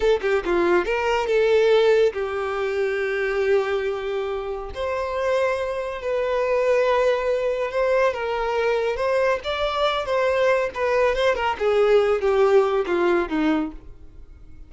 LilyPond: \new Staff \with { instrumentName = "violin" } { \time 4/4 \tempo 4 = 140 a'8 g'8 f'4 ais'4 a'4~ | a'4 g'2.~ | g'2. c''4~ | c''2 b'2~ |
b'2 c''4 ais'4~ | ais'4 c''4 d''4. c''8~ | c''4 b'4 c''8 ais'8 gis'4~ | gis'8 g'4. f'4 dis'4 | }